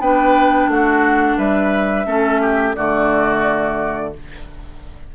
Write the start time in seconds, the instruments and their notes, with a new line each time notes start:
0.00 bassoon B3, clarinet D4, oboe B4, flute G5
0.68 bassoon A3, oboe F#4, flute F#5
1.38 bassoon G3, oboe B4, flute E5
2.06 bassoon A3, clarinet C#4, oboe A4
2.42 oboe G4
2.75 bassoon D3, clarinet A3, oboe F#4, flute D5